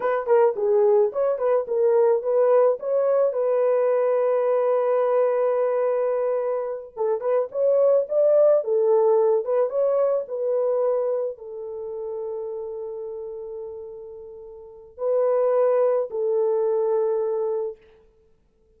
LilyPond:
\new Staff \with { instrumentName = "horn" } { \time 4/4 \tempo 4 = 108 b'8 ais'8 gis'4 cis''8 b'8 ais'4 | b'4 cis''4 b'2~ | b'1~ | b'8 a'8 b'8 cis''4 d''4 a'8~ |
a'4 b'8 cis''4 b'4.~ | b'8 a'2.~ a'8~ | a'2. b'4~ | b'4 a'2. | }